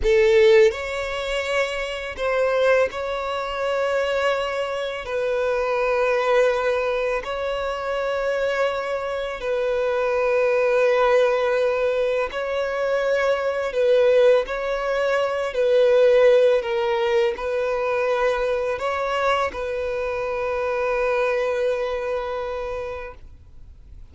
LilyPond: \new Staff \with { instrumentName = "violin" } { \time 4/4 \tempo 4 = 83 a'4 cis''2 c''4 | cis''2. b'4~ | b'2 cis''2~ | cis''4 b'2.~ |
b'4 cis''2 b'4 | cis''4. b'4. ais'4 | b'2 cis''4 b'4~ | b'1 | }